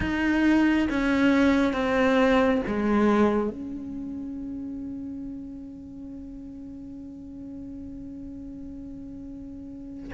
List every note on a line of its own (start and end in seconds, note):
0.00 0.87 D#4
0.90 1.73 C#4
1.73 2.61 C4
2.67 3.49 G#3
3.49 10.11 C#4